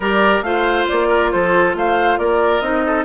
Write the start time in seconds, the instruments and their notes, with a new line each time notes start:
0.00 bassoon G3, clarinet G4, oboe A#4, flute D5
0.41 bassoon A3, clarinet F4, oboe C5, flute F5
0.88 bassoon A#3, flute D5
1.08 oboe A#4
1.31 bassoon F3, oboe A4, flute C5
1.74 bassoon A3, oboe C5, flute F5
2.18 bassoon A#3, oboe A#4, flute D5
2.60 bassoon C4, clarinet D#4, flute D#5
2.86 oboe A4